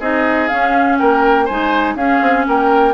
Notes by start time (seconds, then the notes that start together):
0.00 C4 D#4 G#4 D#5
0.48 C#4 F5
0.98 A#3 A#4 G5
1.45 G#3 D#4 C5 G#5
1.96 C#4 G#4 F5
2.22 C4
2.47 A#3 A#4 G5